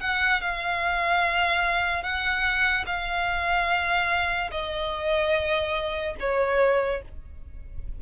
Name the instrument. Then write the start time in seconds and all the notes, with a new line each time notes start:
violin
0.00 F#5
0.41 F5
2.03 F#5
2.86 F5
4.51 D#5
6.19 C#5